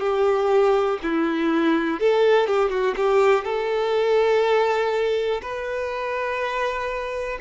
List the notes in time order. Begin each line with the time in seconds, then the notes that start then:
0.00 G4
1.03 E4
2.00 A4
2.47 G4
2.70 F#4
2.96 G4
3.44 A4
5.42 B4